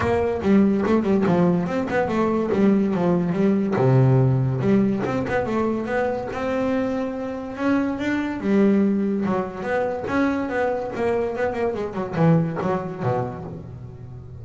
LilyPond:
\new Staff \with { instrumentName = "double bass" } { \time 4/4 \tempo 4 = 143 ais4 g4 a8 g8 f4 | c'8 b8 a4 g4 f4 | g4 c2 g4 | c'8 b8 a4 b4 c'4~ |
c'2 cis'4 d'4 | g2 fis4 b4 | cis'4 b4 ais4 b8 ais8 | gis8 fis8 e4 fis4 b,4 | }